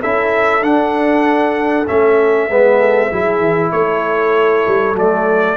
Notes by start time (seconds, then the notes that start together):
0.00 C#4 E4 A4 E5
0.61 D4 F#5
1.87 A3 C#4 E5
2.49 G#3 B3 B4
2.79 A4
3.09 F#3 E4 G#4
3.39 E3
3.71 A3 A4 C#5
4.67 G3
4.94 F#3 A3 D5